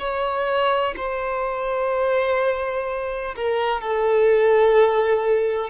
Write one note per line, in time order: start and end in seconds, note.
0.00 0.95 C#5
0.97 3.35 C5
3.36 3.81 A#4
3.81 5.70 A4